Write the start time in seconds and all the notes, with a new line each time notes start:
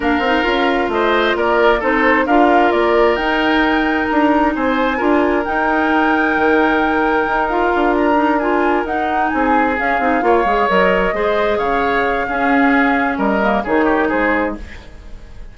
0.00 A#3 D4 A#4 F5
0.19 C4 D#4
0.43 C#4 F4
0.88 A3 C5 D#5
1.35 A#3 A#4 D5
1.79 C4 D#4 A4 C5
2.26 D4 F4 A#4 F5
2.71 A#3 D5
3.16 D#4 G5
4.07 D4 A#5
4.55 C4 C5 G#5
4.97 D4 F4 A#4
5.44 D#4 G5
6.36 D#3
7.26 D#4
7.49 F4 F5
7.74 D4
7.97 A#5
8.14 D#4
8.38 F4 G#5
8.84 D#4 F#5
9.29 C4 G#5
9.35 G#4
9.76 C#4 F5
9.99 C4 D#4
10.21 A#3 F4 C#5
10.44 G#3 G#4
10.68 F#3 A#4 D#5
11.12 G#3 G#4 C5
11.57 C#3 C#5 F5
12.28 C#4 G#4
13.17 G3 A#4 D#5
13.41 A#3
13.63 D#3 D#4 G#4 C#5
13.84 G4
14.08 G#3 G#4 C5